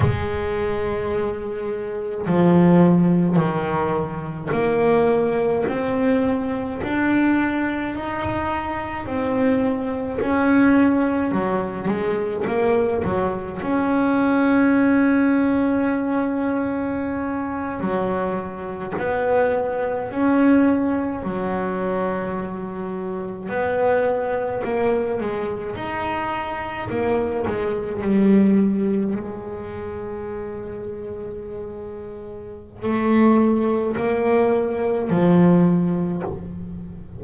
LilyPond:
\new Staff \with { instrumentName = "double bass" } { \time 4/4 \tempo 4 = 53 gis2 f4 dis4 | ais4 c'4 d'4 dis'4 | c'4 cis'4 fis8 gis8 ais8 fis8 | cis'2.~ cis'8. fis16~ |
fis8. b4 cis'4 fis4~ fis16~ | fis8. b4 ais8 gis8 dis'4 ais16~ | ais16 gis8 g4 gis2~ gis16~ | gis4 a4 ais4 f4 | }